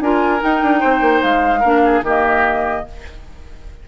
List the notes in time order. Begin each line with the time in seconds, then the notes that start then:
0.00 D4 F4 A#4 G#5
0.39 D#4 G5
0.62 D4
0.79 C4 C5
1.01 A#3
1.22 G#3 F5
1.60 A#3 D4 A#4
1.85 G#4
2.02 D#3 A#3 G4 D#5